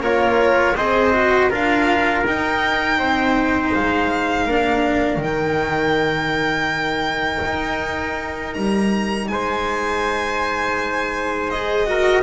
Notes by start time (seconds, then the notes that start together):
0.00 A#3 F4 A#4 C#5
0.76 C4 G#4 C5 D#5
1.13 F#4
1.50 D4 F4 A#4 F5
2.26 D#4 G5
2.99 C4 C5
3.74 G#3 F5
4.46 A#3 D4 A#4
5.17 D#3
5.23 D#4 G5
7.45 D#4
8.54 G3 A#5
9.28 G#3 C5 G#5
11.50 G#4 D#5
11.86 F#4 A#4